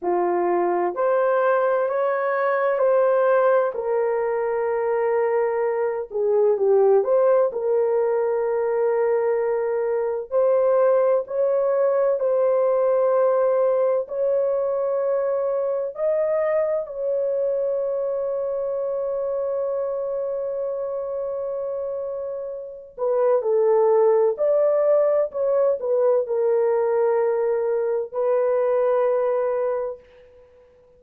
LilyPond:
\new Staff \with { instrumentName = "horn" } { \time 4/4 \tempo 4 = 64 f'4 c''4 cis''4 c''4 | ais'2~ ais'8 gis'8 g'8 c''8 | ais'2. c''4 | cis''4 c''2 cis''4~ |
cis''4 dis''4 cis''2~ | cis''1~ | cis''8 b'8 a'4 d''4 cis''8 b'8 | ais'2 b'2 | }